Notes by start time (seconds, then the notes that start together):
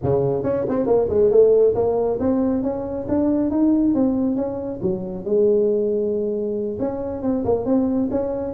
0.02 C#3
0.43 C#4
0.68 C4
0.86 A#3
1.09 G#3
1.30 A3
1.74 A#3
2.19 C4
2.62 C#4
3.08 D4
3.50 D#4
3.94 C4
4.36 C#4
4.82 F#3
5.24 G#3
6.79 C#4
7.22 C4
7.44 A#3
7.65 C4
8.10 C#4